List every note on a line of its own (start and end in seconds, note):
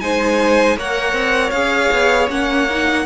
0.00 0.76 G#3
0.00 0.76 D#4
0.00 0.76 C5
0.00 0.76 G#5
0.76 1.12 A#3
0.76 1.53 A#4
0.76 3.04 C#5
0.76 1.50 F#5
1.12 1.50 C4
1.50 1.89 C#4
1.50 2.29 G#4
1.50 2.26 F5
1.91 2.29 B3
2.29 3.05 A#3
2.29 2.67 C#4
2.29 3.05 F#5
2.69 3.05 D#4